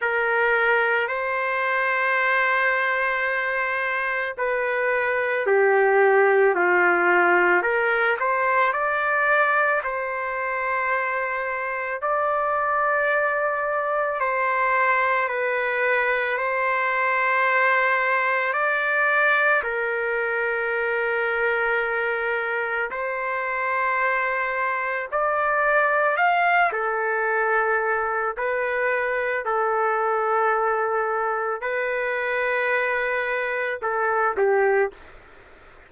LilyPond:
\new Staff \with { instrumentName = "trumpet" } { \time 4/4 \tempo 4 = 55 ais'4 c''2. | b'4 g'4 f'4 ais'8 c''8 | d''4 c''2 d''4~ | d''4 c''4 b'4 c''4~ |
c''4 d''4 ais'2~ | ais'4 c''2 d''4 | f''8 a'4. b'4 a'4~ | a'4 b'2 a'8 g'8 | }